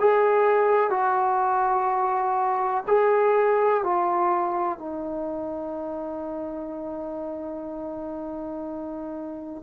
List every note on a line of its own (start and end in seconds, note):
0.00 0.90 G#4
0.90 2.84 F#4
2.88 3.83 G#4
3.83 4.79 F4
4.79 9.62 D#4